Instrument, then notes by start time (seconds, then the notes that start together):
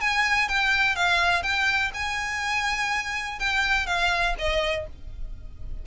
violin
0.00 G#5
0.48 G5
0.95 F5
1.42 G5
1.94 G#5
3.39 G5
3.86 F5
4.38 D#5